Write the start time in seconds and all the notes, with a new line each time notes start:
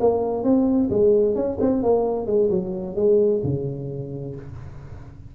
0.00 A#3
0.44 C4
0.90 G#3
1.35 C#4
1.60 C4
1.83 A#3
2.27 G#3
2.50 F#3
2.96 G#3
3.44 C#3